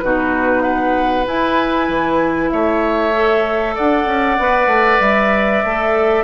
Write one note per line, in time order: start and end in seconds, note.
0.00 1.28 B2
0.00 1.26 D#4
0.00 0.63 F#4
0.00 0.62 B4
0.62 2.50 B4
0.62 1.24 F#5
1.26 3.12 E4
1.26 1.89 E4
1.26 2.50 G#5
1.89 2.51 E3
2.50 3.77 A3
2.50 3.75 C#5
2.50 3.75 E5
3.12 4.38 A4
3.75 4.06 D4
3.75 6.24 D5
3.75 5.01 F#5
4.06 4.38 C#4
4.38 4.67 B3
4.38 5.64 B4
4.67 4.98 A3
5.00 5.62 G3
5.00 6.24 E5
5.64 6.24 A3
5.64 6.24 A4